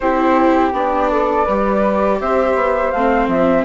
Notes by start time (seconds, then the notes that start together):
0.00 C4 E4 G4 C5
0.72 B3 D4 D5
1.11 A4
1.44 G3 G4 B4
2.20 C4 C5 E5
2.55 B3
2.91 A3 C4 F5
3.27 F3 E5